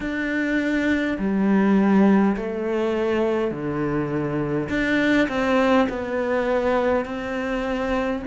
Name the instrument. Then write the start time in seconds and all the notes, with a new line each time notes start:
cello
0.00 D4
1.18 G3
2.36 A3
3.51 D3
4.68 D4
5.28 C4
5.89 B3
7.05 C4